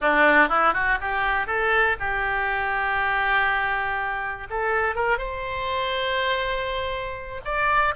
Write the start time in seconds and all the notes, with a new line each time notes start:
0.01 D4
0.48 E4
0.73 F#4
1.01 G4
1.46 A4
1.99 G4
4.49 A4
4.95 A#4
5.18 C5
7.44 D5